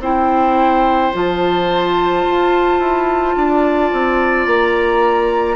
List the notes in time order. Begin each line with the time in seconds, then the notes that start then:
0.00 C4 E4 C5 G5
1.13 F3 F4 A5
2.28 F4
2.80 E4
3.36 D4 D5
3.93 C4
4.47 A#3 A#5